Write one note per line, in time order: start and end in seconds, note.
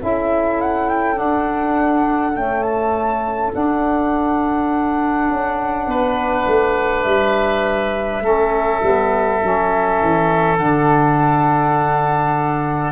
0.00 1.20 C#4
0.00 1.14 E4
0.00 5.89 A4
0.00 0.61 E5
0.61 0.89 F#5
0.89 1.18 G5
1.14 2.32 D4
1.14 2.35 D4
1.14 2.35 F#5
2.34 3.51 A3
2.34 3.53 C#4
2.34 2.62 G5
2.62 3.51 A5
3.52 8.22 D4
3.52 5.28 D4
3.52 7.03 F#5
5.28 5.87 C#4
5.87 6.45 B3
5.87 8.24 B4
6.46 7.05 A3
7.03 8.21 G3
7.03 10.56 E5
8.21 8.80 A3
8.21 8.80 C#4
8.21 12.92 A4
8.82 9.41 G3
8.82 9.41 B3
9.43 10.01 F#3
9.43 10.58 C#4
10.01 10.59 E3
10.57 12.92 D3
10.57 12.92 D4
10.57 12.92 F#5